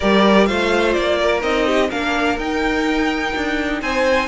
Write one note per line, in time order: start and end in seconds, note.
0.00 0.49 G3
0.00 0.46 G4
0.00 0.47 A#4
0.00 0.46 D5
0.46 0.96 A3
0.46 1.41 F4
0.46 1.18 C5
0.46 0.93 F5
0.93 1.42 A#3
0.93 1.40 D5
1.18 1.66 A#4
1.41 1.90 C4
1.41 1.88 D#4
1.41 1.90 D#5
1.66 1.88 G4
1.88 2.37 A#3
1.88 2.38 D4
1.88 3.79 A#4
1.88 2.38 F5
2.37 3.32 D#4
2.37 4.27 D#4
2.37 3.81 G5
3.35 3.81 D4
3.81 4.27 C4
3.81 4.27 C5
3.81 4.27 G#5